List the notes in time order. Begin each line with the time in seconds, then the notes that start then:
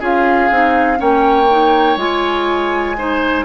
0.00 C#4 F4 G#4 F5
0.50 C4 D#4
0.97 A#3 C#4 C#5 G5
1.50 D#4
1.97 G#3 F4 G#5
2.98 D#4 C5